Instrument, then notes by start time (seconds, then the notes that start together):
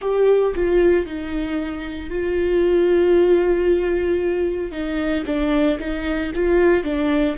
viola
0.01 G4
0.55 F4
1.06 D#4
2.10 F4
4.71 D#4
5.25 D4
5.79 D#4
6.34 F4
6.83 D4